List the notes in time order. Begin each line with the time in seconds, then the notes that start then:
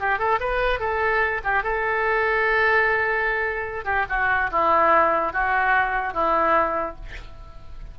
0.00 G4
0.19 A4
0.40 B4
0.80 A4
1.44 G4
1.63 A4
3.85 G4
4.09 F#4
4.51 E4
5.33 F#4
6.13 E4